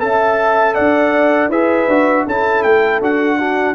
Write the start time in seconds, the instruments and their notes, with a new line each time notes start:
0.00 tuba C#4, trombone A4, horn E5, trumpet A5
0.75 tuba D4, horn D5, trumpet F#5
1.49 tuba E4, trombone G#4, horn B4, trumpet E5
1.88 tuba D4, trombone F#4
2.26 tuba C#4, trombone E4, horn A4, trumpet A5
2.63 tuba A3, trumpet G5
3.02 tuba D4, trombone F#4, trumpet F#5
3.39 trombone D4, horn F#4